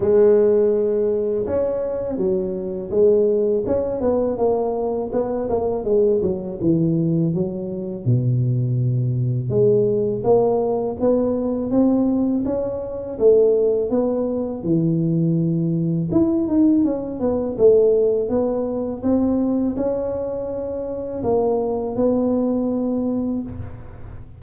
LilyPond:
\new Staff \with { instrumentName = "tuba" } { \time 4/4 \tempo 4 = 82 gis2 cis'4 fis4 | gis4 cis'8 b8 ais4 b8 ais8 | gis8 fis8 e4 fis4 b,4~ | b,4 gis4 ais4 b4 |
c'4 cis'4 a4 b4 | e2 e'8 dis'8 cis'8 b8 | a4 b4 c'4 cis'4~ | cis'4 ais4 b2 | }